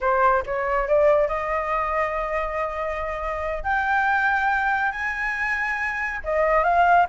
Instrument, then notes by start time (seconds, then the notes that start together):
flute
0.01 C5
0.46 C#5
0.87 D5
1.28 D#5
3.63 G5
4.91 G#5
6.24 D#5
6.63 F5